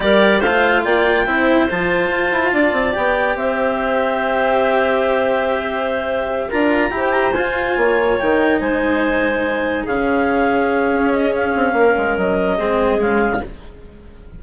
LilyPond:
<<
  \new Staff \with { instrumentName = "clarinet" } { \time 4/4 \tempo 4 = 143 d''4 f''4 g''2 | a''2. g''4 | e''1~ | e''2.~ e''8 ais''8~ |
ais''8. g''16 ais''8 gis''2 g''8~ | g''8 gis''2. f''8~ | f''2~ f''8 dis''8 f''4~ | f''4 dis''2 f''4 | }
  \new Staff \with { instrumentName = "clarinet" } { \time 4/4 ais'4 c''4 d''4 c''4~ | c''2 d''2 | c''1~ | c''2.~ c''8 ais'8~ |
ais'8 c''2 cis''4.~ | cis''8 c''2. gis'8~ | gis'1 | ais'2 gis'2 | }
  \new Staff \with { instrumentName = "cello" } { \time 4/4 g'4 f'2 e'4 | f'2. g'4~ | g'1~ | g'2.~ g'8 f'8~ |
f'8 g'4 f'2 dis'8~ | dis'2.~ dis'8 cis'8~ | cis'1~ | cis'2 c'4 gis4 | }
  \new Staff \with { instrumentName = "bassoon" } { \time 4/4 g4 a4 ais4 c'4 | f4 f'8 e'8 d'8 c'8 b4 | c'1~ | c'2.~ c'8 d'8~ |
d'8 e'4 f'4 ais4 dis8~ | dis8 gis2. cis8~ | cis2 cis'4. c'8 | ais8 gis8 fis4 gis4 cis4 | }
>>